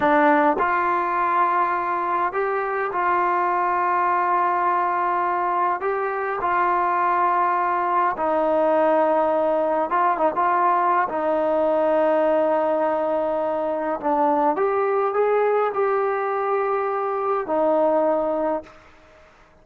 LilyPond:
\new Staff \with { instrumentName = "trombone" } { \time 4/4 \tempo 4 = 103 d'4 f'2. | g'4 f'2.~ | f'2 g'4 f'4~ | f'2 dis'2~ |
dis'4 f'8 dis'16 f'4~ f'16 dis'4~ | dis'1 | d'4 g'4 gis'4 g'4~ | g'2 dis'2 | }